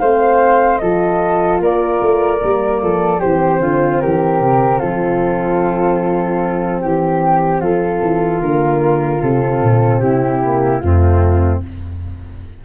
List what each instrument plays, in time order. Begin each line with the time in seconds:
0.00 tuba A3, horn C4, flute C5 F5
0.78 tuba F3, horn F4, flute A4 D#5
1.60 tuba A#3, flute A#4 D5
2.02 tuba A3
2.41 tuba G3, horn A#3
2.83 tuba F3, flute A4
3.20 tuba E3, horn C4, flute G4 C5
3.60 tuba D3, flute F4
4.01 tuba E3, flute G4 A#4
4.41 tuba C3
4.79 tuba F3, flute F4 A4
6.81 tuba E3, flute G4
7.61 tuba F3, flute F4 A4
8.03 tuba E3
8.41 tuba D3, horn A#3, flute A#4
9.22 tuba C3, horn C4, flute A4
9.62 tuba A#2
10.00 tuba C3, flute E4 G4
10.44 horn A#3
10.80 tuba F2, horn A3, flute C4 F4